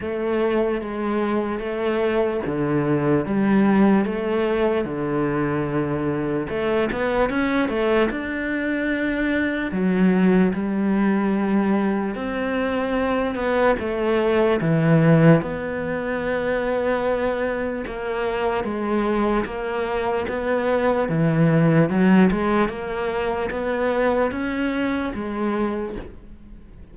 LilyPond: \new Staff \with { instrumentName = "cello" } { \time 4/4 \tempo 4 = 74 a4 gis4 a4 d4 | g4 a4 d2 | a8 b8 cis'8 a8 d'2 | fis4 g2 c'4~ |
c'8 b8 a4 e4 b4~ | b2 ais4 gis4 | ais4 b4 e4 fis8 gis8 | ais4 b4 cis'4 gis4 | }